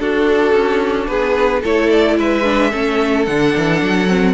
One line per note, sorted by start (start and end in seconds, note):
0.00 1.64 D4
0.00 0.53 D4
0.00 1.10 F#4
0.00 1.07 A4
0.53 1.07 C#4
1.07 1.63 B3
1.07 1.62 G#4
1.07 1.62 B4
1.62 2.19 A3
1.62 2.44 E4
1.62 2.17 A4
1.62 1.90 C#5
1.90 2.18 D5
2.19 2.73 G#3
2.19 2.71 B4
2.19 3.26 E5
2.44 2.71 D4
2.71 3.28 A3
2.71 3.27 C#4
2.71 4.35 A4
3.26 3.55 D3
3.26 4.08 D4
3.26 4.35 F#5
3.57 3.82 E3
3.82 4.35 F#3
4.08 4.35 C4